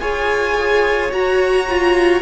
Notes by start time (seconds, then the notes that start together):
0.00 F4 G#4 C#5 G#5
1.12 F#4 A#5
1.67 F4